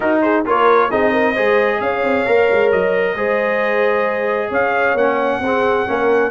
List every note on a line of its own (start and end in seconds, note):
0.00 0.45 D#4
0.00 0.22 F#4
0.00 0.20 A#4
0.21 0.45 G#4
0.21 0.44 C5
0.45 0.91 A#3
0.45 0.90 F4
0.45 0.89 A#4
0.45 0.90 C#5
0.89 1.37 C4
0.89 1.35 D#4
0.89 1.12 G#4
0.89 1.80 D#5
1.12 1.33 A#4
1.33 1.80 G#3
1.33 2.25 G#4
1.33 1.78 C5
1.80 2.03 C#4
1.80 3.15 C#5
1.80 2.71 F5
2.03 2.25 C4
2.25 2.50 A#3
2.25 3.16 A#4
2.51 2.72 G#3
2.71 3.15 F#3
2.71 4.52 D#5
3.15 4.50 G#3
3.15 4.97 G#4
3.15 4.49 C5
4.49 4.94 C#4
4.49 5.39 C#5
4.49 4.97 F5
4.94 5.39 A#3
4.94 5.42 C#4
4.94 6.30 F#5
5.40 5.85 C4
5.40 5.86 C4
5.40 5.88 G#4
5.86 6.30 A#3
5.86 6.30 C#4
5.86 6.30 A#4